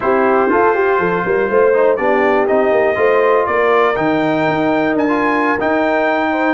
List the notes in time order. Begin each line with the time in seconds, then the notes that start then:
0.00 C4 E4 G4 C5
0.49 F4 A4
0.74 G4
0.98 F3 A4
1.25 G3 A#4
1.49 A3 C5
1.73 D#4
1.96 B3 D4 G4 D5
2.47 C4 D#4 D#5
2.71 A#3
2.95 A3 F4 C5
3.46 A#3 A#4 D5
3.96 D#3 D#4 G5
4.48 D#4
4.94 D4 G#5
5.08 F4
5.60 D#4 G5
6.31 C5